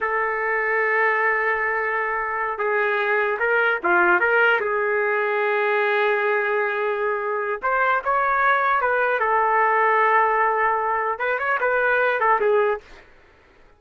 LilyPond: \new Staff \with { instrumentName = "trumpet" } { \time 4/4 \tempo 4 = 150 a'1~ | a'2~ a'8 gis'4.~ | gis'8 ais'4 f'4 ais'4 gis'8~ | gis'1~ |
gis'2. c''4 | cis''2 b'4 a'4~ | a'1 | b'8 cis''8 b'4. a'8 gis'4 | }